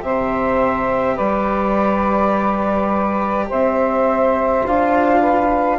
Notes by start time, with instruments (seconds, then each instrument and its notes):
0.00 bassoon C3, cello G4, saxophone C5, flute E5
1.15 bassoon G3, saxophone B4, flute D5
3.49 bassoon C4, saxophone C5, flute E5
4.67 bassoon D4, cello F4, flute F5
5.21 saxophone B4